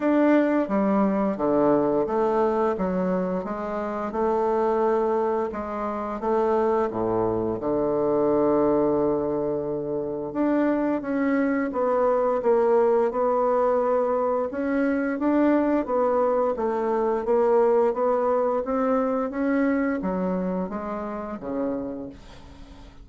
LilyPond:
\new Staff \with { instrumentName = "bassoon" } { \time 4/4 \tempo 4 = 87 d'4 g4 d4 a4 | fis4 gis4 a2 | gis4 a4 a,4 d4~ | d2. d'4 |
cis'4 b4 ais4 b4~ | b4 cis'4 d'4 b4 | a4 ais4 b4 c'4 | cis'4 fis4 gis4 cis4 | }